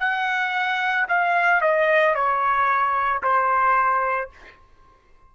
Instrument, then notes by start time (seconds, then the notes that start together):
trumpet
0.00 F#5
1.08 F5
1.61 D#5
2.15 C#5
3.23 C5